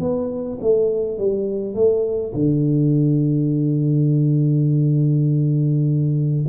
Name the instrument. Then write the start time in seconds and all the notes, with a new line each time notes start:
tuba
0.00 B3
0.61 A3
1.18 G3
1.75 A3
2.34 D3